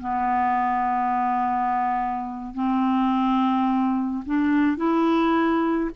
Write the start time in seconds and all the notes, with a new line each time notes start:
0.00 B3
2.54 C4
4.25 D4
4.77 E4